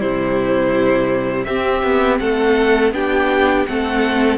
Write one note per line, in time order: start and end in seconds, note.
0.00 1.47 C3
0.00 1.47 G3
0.00 1.46 E4
0.00 1.45 C5
1.45 1.83 C4
1.45 2.94 C4
1.45 2.21 G4
1.45 2.18 E5
1.83 2.20 B3
2.20 2.92 A3
2.20 2.94 A4
2.20 2.93 F#5
2.92 3.65 B3
2.92 3.67 D4
2.92 3.68 G4
2.92 3.66 G5
3.66 4.39 A3
3.66 4.39 C4
3.66 4.39 A4
3.66 4.39 F#5